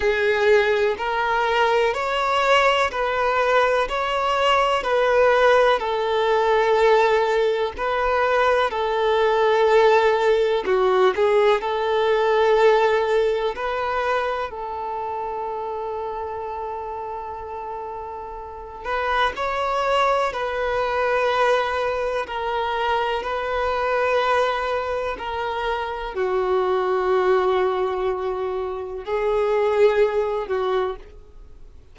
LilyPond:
\new Staff \with { instrumentName = "violin" } { \time 4/4 \tempo 4 = 62 gis'4 ais'4 cis''4 b'4 | cis''4 b'4 a'2 | b'4 a'2 fis'8 gis'8 | a'2 b'4 a'4~ |
a'2.~ a'8 b'8 | cis''4 b'2 ais'4 | b'2 ais'4 fis'4~ | fis'2 gis'4. fis'8 | }